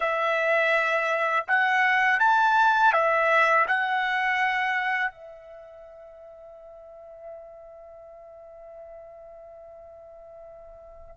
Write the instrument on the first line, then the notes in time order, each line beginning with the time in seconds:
trumpet
0.00 E5
1.47 F#5
2.20 A5
2.93 E5
3.67 F#5
5.11 E5